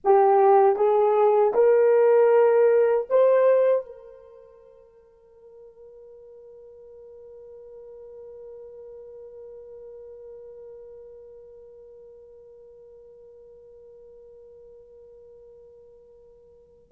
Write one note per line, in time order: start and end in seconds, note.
0.04 0.76 G4
0.76 1.52 G#4
1.53 3.07 A#4
3.09 3.85 C5
3.85 16.91 A#4